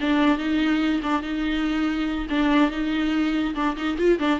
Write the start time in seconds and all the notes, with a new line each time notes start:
0.00 D4
0.38 D#4
1.03 D4
1.22 D#4
2.29 D4
2.70 D#4
3.55 D4
3.76 D#4
3.98 F4
4.19 D4